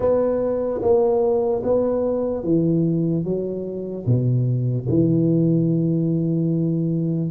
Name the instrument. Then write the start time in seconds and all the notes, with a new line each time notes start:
tuba
0.00 B3
0.81 A#3
1.63 B3
2.43 E3
3.24 F#3
4.05 B2
4.89 E3